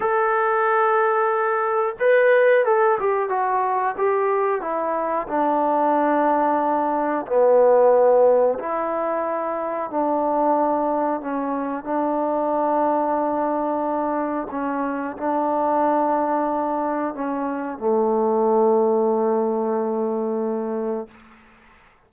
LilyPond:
\new Staff \with { instrumentName = "trombone" } { \time 4/4 \tempo 4 = 91 a'2. b'4 | a'8 g'8 fis'4 g'4 e'4 | d'2. b4~ | b4 e'2 d'4~ |
d'4 cis'4 d'2~ | d'2 cis'4 d'4~ | d'2 cis'4 a4~ | a1 | }